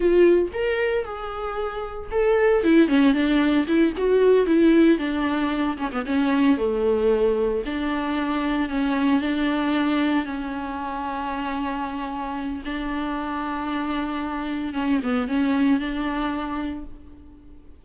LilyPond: \new Staff \with { instrumentName = "viola" } { \time 4/4 \tempo 4 = 114 f'4 ais'4 gis'2 | a'4 e'8 cis'8 d'4 e'8 fis'8~ | fis'8 e'4 d'4. cis'16 b16 cis'8~ | cis'8 a2 d'4.~ |
d'8 cis'4 d'2 cis'8~ | cis'1 | d'1 | cis'8 b8 cis'4 d'2 | }